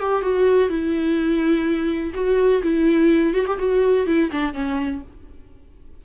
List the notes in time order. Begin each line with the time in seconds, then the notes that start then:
0.00 G4
0.22 F#4
0.69 E4
2.14 F#4
2.63 E4
3.34 F#4
3.47 G4
3.58 F#4
4.06 E4
4.31 D4
4.54 C#4